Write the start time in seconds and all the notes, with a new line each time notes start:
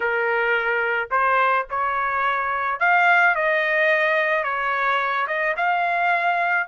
0.00 A#4
1.11 C5
1.69 C#5
2.79 F5
3.35 D#5
4.43 C#5
5.27 D#5
5.56 F5